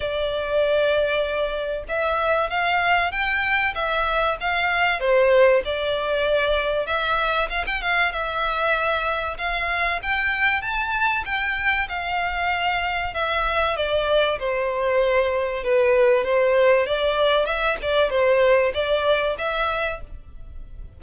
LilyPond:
\new Staff \with { instrumentName = "violin" } { \time 4/4 \tempo 4 = 96 d''2. e''4 | f''4 g''4 e''4 f''4 | c''4 d''2 e''4 | f''16 g''16 f''8 e''2 f''4 |
g''4 a''4 g''4 f''4~ | f''4 e''4 d''4 c''4~ | c''4 b'4 c''4 d''4 | e''8 d''8 c''4 d''4 e''4 | }